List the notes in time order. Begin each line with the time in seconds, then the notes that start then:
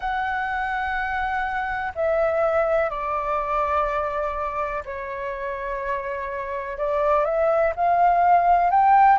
0.00 F#5
1.95 E5
2.90 D5
4.85 C#5
6.77 D5
7.24 E5
7.75 F5
8.70 G5